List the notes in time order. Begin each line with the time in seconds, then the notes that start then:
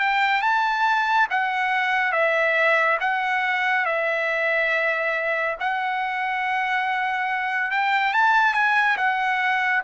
0.00 G5
0.42 A5
1.31 F#5
2.12 E5
3.00 F#5
3.86 E5
5.60 F#5
7.71 G5
8.14 A5
8.54 G#5
8.97 F#5